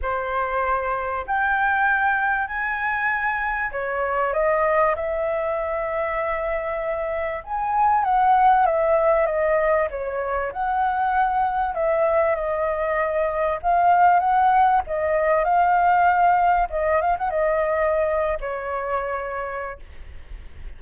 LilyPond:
\new Staff \with { instrumentName = "flute" } { \time 4/4 \tempo 4 = 97 c''2 g''2 | gis''2 cis''4 dis''4 | e''1 | gis''4 fis''4 e''4 dis''4 |
cis''4 fis''2 e''4 | dis''2 f''4 fis''4 | dis''4 f''2 dis''8 f''16 fis''16 | dis''4.~ dis''16 cis''2~ cis''16 | }